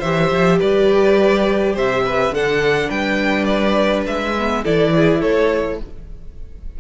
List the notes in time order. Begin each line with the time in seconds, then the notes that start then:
0.00 E3 G4 C5 E5
0.31 F3
0.58 G3 B4 D5
1.74 C3 C5 E5
2.06 B4
2.30 D3 D4 A4 F#5
2.89 G3 B4 G5
3.44 D5
4.07 G#3 E5
4.38 B3
4.63 E3 E4 A4 D5
4.95 G#4
5.21 A3 A4 C#5